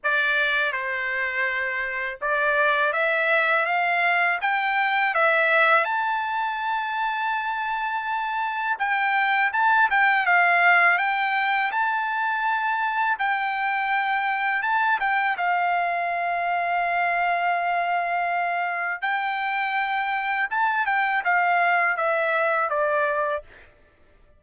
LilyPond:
\new Staff \with { instrumentName = "trumpet" } { \time 4/4 \tempo 4 = 82 d''4 c''2 d''4 | e''4 f''4 g''4 e''4 | a''1 | g''4 a''8 g''8 f''4 g''4 |
a''2 g''2 | a''8 g''8 f''2.~ | f''2 g''2 | a''8 g''8 f''4 e''4 d''4 | }